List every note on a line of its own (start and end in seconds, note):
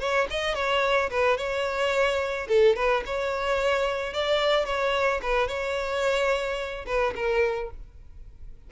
0.00 0.28 C#5
0.31 0.55 D#5
0.55 1.10 C#5
1.11 1.38 B4
1.38 2.48 C#5
2.49 2.76 A4
2.76 3.04 B4
3.06 4.14 C#5
4.14 4.66 D5
4.66 5.21 C#5
5.22 5.48 B4
5.48 6.86 C#5
6.87 7.14 B4
7.16 7.71 A#4